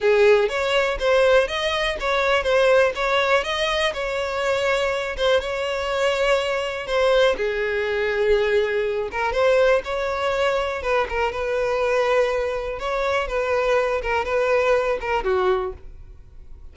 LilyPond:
\new Staff \with { instrumentName = "violin" } { \time 4/4 \tempo 4 = 122 gis'4 cis''4 c''4 dis''4 | cis''4 c''4 cis''4 dis''4 | cis''2~ cis''8 c''8 cis''4~ | cis''2 c''4 gis'4~ |
gis'2~ gis'8 ais'8 c''4 | cis''2 b'8 ais'8 b'4~ | b'2 cis''4 b'4~ | b'8 ais'8 b'4. ais'8 fis'4 | }